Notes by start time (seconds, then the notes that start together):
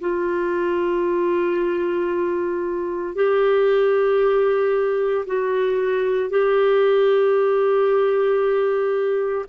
0.00 F4
3.15 G4
5.26 F#4
6.30 G4